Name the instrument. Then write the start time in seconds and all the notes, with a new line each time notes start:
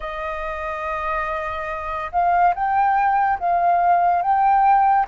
flute
0.00 D#5
2.11 F5
2.54 G5
3.39 F5
4.21 G5